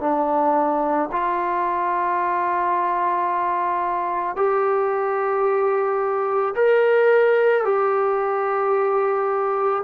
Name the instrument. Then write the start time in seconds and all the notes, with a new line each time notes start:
trombone
0.00 D4
1.12 F4
4.36 G4
6.56 A#4
7.65 G4